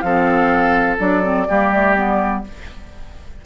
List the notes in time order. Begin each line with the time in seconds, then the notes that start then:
0.00 F3 C4 A4 F5
0.98 F#3 D4 D5
1.22 C4
1.48 G3 A#3 G4
1.72 A3
1.96 B3